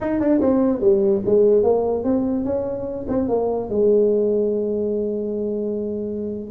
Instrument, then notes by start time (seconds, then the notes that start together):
tuba
0.01 D#4
0.20 D4
0.40 C4
0.80 G3
1.25 G#3
1.63 A#3
2.04 C4
2.45 C#4
3.08 C4
3.28 A#3
3.69 G#3